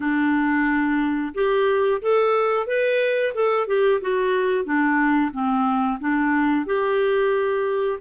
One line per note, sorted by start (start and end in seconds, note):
0.00 1.33 D4
1.34 2.01 G4
2.01 2.67 A4
2.67 3.33 B4
3.34 3.67 A4
3.67 4.00 G4
4.01 4.64 F#4
4.64 5.31 D4
5.32 5.98 C4
6.00 6.65 D4
6.65 7.99 G4